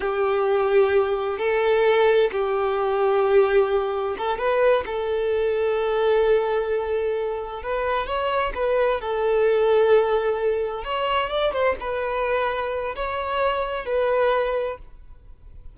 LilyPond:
\new Staff \with { instrumentName = "violin" } { \time 4/4 \tempo 4 = 130 g'2. a'4~ | a'4 g'2.~ | g'4 a'8 b'4 a'4.~ | a'1~ |
a'8 b'4 cis''4 b'4 a'8~ | a'2.~ a'8 cis''8~ | cis''8 d''8 c''8 b'2~ b'8 | cis''2 b'2 | }